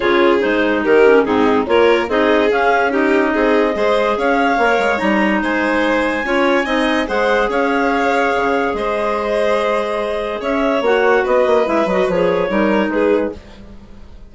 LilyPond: <<
  \new Staff \with { instrumentName = "clarinet" } { \time 4/4 \tempo 4 = 144 cis''4 c''4 ais'4 gis'4 | cis''4 dis''4 f''4 dis''4~ | dis''2 f''2 | ais''4 gis''2.~ |
gis''4 fis''4 f''2~ | f''4 dis''2.~ | dis''4 e''4 fis''4 dis''4 | e''8 dis''8 cis''2 b'4 | }
  \new Staff \with { instrumentName = "violin" } { \time 4/4 gis'2 g'4 dis'4 | ais'4 gis'2 g'4 | gis'4 c''4 cis''2~ | cis''4 c''2 cis''4 |
dis''4 c''4 cis''2~ | cis''4 c''2.~ | c''4 cis''2 b'4~ | b'2 ais'4 gis'4 | }
  \new Staff \with { instrumentName = "clarinet" } { \time 4/4 f'4 dis'4. cis'8 c'4 | f'4 dis'4 cis'4 dis'4~ | dis'4 gis'2 ais'4 | dis'2. f'4 |
dis'4 gis'2.~ | gis'1~ | gis'2 fis'2 | e'8 fis'8 gis'4 dis'2 | }
  \new Staff \with { instrumentName = "bassoon" } { \time 4/4 cis4 gis4 dis4 gis,4 | ais4 c'4 cis'2 | c'4 gis4 cis'4 ais8 gis8 | g4 gis2 cis'4 |
c'4 gis4 cis'2 | cis4 gis2.~ | gis4 cis'4 ais4 b8 ais8 | gis8 fis8 f4 g4 gis4 | }
>>